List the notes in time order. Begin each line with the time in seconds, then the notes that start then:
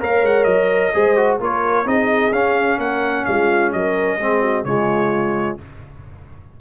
0.00 A#3 A#4 C#5 F5
0.23 G#3 F#5
0.44 F#3 D#5
0.94 G#3 G#4 C5
1.17 F#4
1.39 A#3 F4 A#4 C#5
1.85 C4 D#4 G#4 D#5
2.32 C#4 F5
2.78 A#3 A#4 F#5
3.25 G#3 F4 F5
3.72 F#3 A#4 D#5
4.18 G#3 C4 G#4
4.41 F#4
4.64 C#3 G#3 F4 C#5